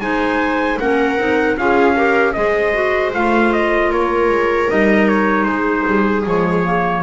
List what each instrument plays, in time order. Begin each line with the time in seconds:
0.00 double bass G#3, clarinet D#4, viola C5, trumpet G#5
0.80 double bass A#3, clarinet C#4, viola A#4, trumpet F#5
1.18 double bass C4, clarinet D#4
1.58 double bass C#4, clarinet F4, viola G#4, trumpet F5
1.96 clarinet G4, viola A#4
2.33 double bass G#3, clarinet G#4, viola C5, trumpet D#5
2.74 clarinet F#4
3.14 double bass A3, clarinet F4, trumpet F5
3.53 trumpet D#5
3.91 double bass A#3, viola A#4, trumpet C#5
4.29 double bass G#3
4.68 double bass G3, clarinet D#4, trumpet D#5
5.09 trumpet C#5
5.44 double bass G#3, viola G#4, trumpet C5
5.88 double bass G3
6.25 double bass F3, clarinet G#3, trumpet C#5
6.65 clarinet A#3